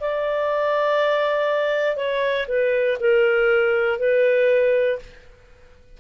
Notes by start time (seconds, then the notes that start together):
0.00 D5
1.96 C#5
2.48 B4
3.00 A#4
4.00 B4